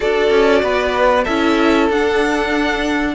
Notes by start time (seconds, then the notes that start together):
0.00 D4 F#4 A4 D5
0.30 C#4
0.62 B3 B4
1.24 C#4 E4 A4 E5
1.89 D4 F#5